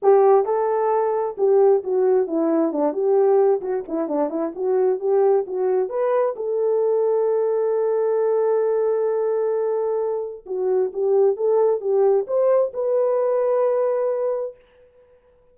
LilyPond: \new Staff \with { instrumentName = "horn" } { \time 4/4 \tempo 4 = 132 g'4 a'2 g'4 | fis'4 e'4 d'8 g'4. | fis'8 e'8 d'8 e'8 fis'4 g'4 | fis'4 b'4 a'2~ |
a'1~ | a'2. fis'4 | g'4 a'4 g'4 c''4 | b'1 | }